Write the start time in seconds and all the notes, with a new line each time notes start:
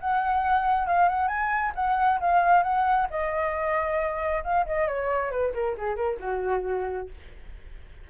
0.00 F#5
0.87 F5
1.08 F#5
1.28 G#5
1.75 F#5
2.20 F5
2.63 F#5
3.10 D#5
4.44 F5
4.66 D#5
4.87 C#5
5.31 B4
5.54 A#4
5.77 G#4
5.96 A#4
6.20 F#4